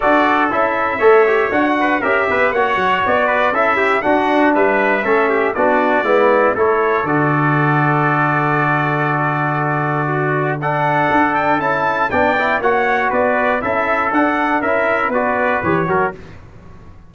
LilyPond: <<
  \new Staff \with { instrumentName = "trumpet" } { \time 4/4 \tempo 4 = 119 d''4 e''2 fis''4 | e''4 fis''4 d''4 e''4 | fis''4 e''2 d''4~ | d''4 cis''4 d''2~ |
d''1~ | d''4 fis''4. g''8 a''4 | g''4 fis''4 d''4 e''4 | fis''4 e''4 d''4 cis''4 | }
  \new Staff \with { instrumentName = "trumpet" } { \time 4/4 a'2 cis''4. b'8 | ais'8 b'8 cis''4. b'8 a'8 g'8 | fis'4 b'4 a'8 g'8 fis'4 | e'4 a'2.~ |
a'1 | fis'4 a'2. | d''4 cis''4 b'4 a'4~ | a'4 ais'4 b'4. ais'8 | }
  \new Staff \with { instrumentName = "trombone" } { \time 4/4 fis'4 e'4 a'8 g'8 fis'4 | g'4 fis'2 e'4 | d'2 cis'4 d'4 | b4 e'4 fis'2~ |
fis'1~ | fis'4 d'2 e'4 | d'8 e'8 fis'2 e'4 | d'4 e'4 fis'4 g'8 fis'8 | }
  \new Staff \with { instrumentName = "tuba" } { \time 4/4 d'4 cis'4 a4 d'4 | cis'8 b8 ais8 fis8 b4 cis'4 | d'4 g4 a4 b4 | gis4 a4 d2~ |
d1~ | d2 d'4 cis'4 | b4 ais4 b4 cis'4 | d'4 cis'4 b4 e8 fis8 | }
>>